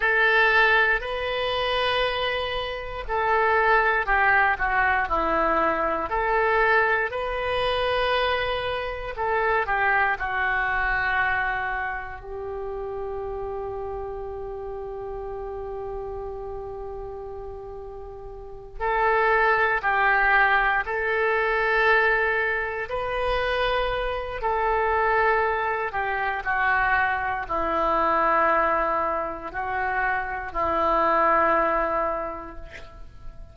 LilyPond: \new Staff \with { instrumentName = "oboe" } { \time 4/4 \tempo 4 = 59 a'4 b'2 a'4 | g'8 fis'8 e'4 a'4 b'4~ | b'4 a'8 g'8 fis'2 | g'1~ |
g'2~ g'8 a'4 g'8~ | g'8 a'2 b'4. | a'4. g'8 fis'4 e'4~ | e'4 fis'4 e'2 | }